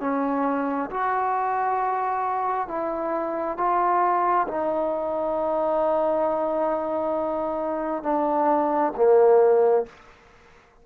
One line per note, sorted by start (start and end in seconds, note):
0.00 0.90 C#4
0.90 2.68 F#4
2.68 3.57 E4
3.57 4.47 F4
4.48 8.03 D#4
8.03 8.93 D4
8.96 9.86 A#3